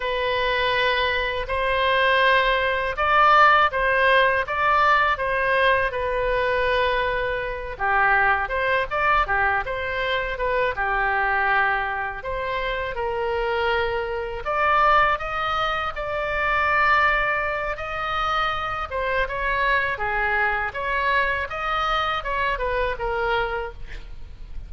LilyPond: \new Staff \with { instrumentName = "oboe" } { \time 4/4 \tempo 4 = 81 b'2 c''2 | d''4 c''4 d''4 c''4 | b'2~ b'8 g'4 c''8 | d''8 g'8 c''4 b'8 g'4.~ |
g'8 c''4 ais'2 d''8~ | d''8 dis''4 d''2~ d''8 | dis''4. c''8 cis''4 gis'4 | cis''4 dis''4 cis''8 b'8 ais'4 | }